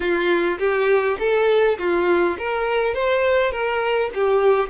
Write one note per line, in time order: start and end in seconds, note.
0.00 0.58 F4
0.58 1.17 G4
1.19 1.78 A4
1.78 2.37 F4
2.38 2.94 A#4
2.94 3.51 C5
3.51 4.10 A#4
4.14 4.69 G4